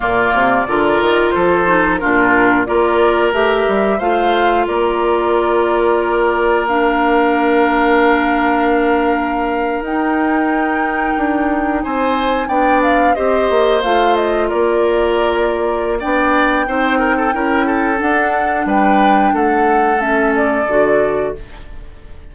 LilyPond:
<<
  \new Staff \with { instrumentName = "flute" } { \time 4/4 \tempo 4 = 90 d''2 c''4 ais'4 | d''4 e''4 f''4 d''4~ | d''2 f''2~ | f''2~ f''8. g''4~ g''16~ |
g''4.~ g''16 gis''4 g''8 f''8 dis''16~ | dis''8. f''8 dis''8 d''2~ d''16 | g''2. fis''4 | g''4 fis''4 e''8 d''4. | }
  \new Staff \with { instrumentName = "oboe" } { \time 4/4 f'4 ais'4 a'4 f'4 | ais'2 c''4 ais'4~ | ais'1~ | ais'1~ |
ais'4.~ ais'16 c''4 d''4 c''16~ | c''4.~ c''16 ais'2~ ais'16 | d''4 c''8 ais'16 a'16 ais'8 a'4. | b'4 a'2. | }
  \new Staff \with { instrumentName = "clarinet" } { \time 4/4 ais4 f'4. dis'8 d'4 | f'4 g'4 f'2~ | f'2 d'2~ | d'2~ d'8. dis'4~ dis'16~ |
dis'2~ dis'8. d'4 g'16~ | g'8. f'2.~ f'16 | d'4 dis'4 e'4 d'4~ | d'2 cis'4 fis'4 | }
  \new Staff \with { instrumentName = "bassoon" } { \time 4/4 ais,8 c8 d8 dis8 f4 ais,4 | ais4 a8 g8 a4 ais4~ | ais1~ | ais2~ ais8. dis'4~ dis'16~ |
dis'8. d'4 c'4 b4 c'16~ | c'16 ais8 a4 ais2~ ais16 | b4 c'4 cis'4 d'4 | g4 a2 d4 | }
>>